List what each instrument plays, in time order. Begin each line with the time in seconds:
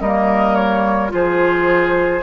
0.00 bassoon G3, clarinet A#3, oboe A#4, flute D#5
0.54 flute C#5
1.09 bassoon F3, clarinet F4, oboe G#4, flute C5